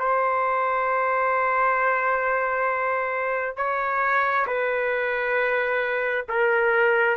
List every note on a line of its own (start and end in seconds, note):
0.00 3.57 C5
3.57 4.47 C#5
4.47 6.26 B4
6.29 7.17 A#4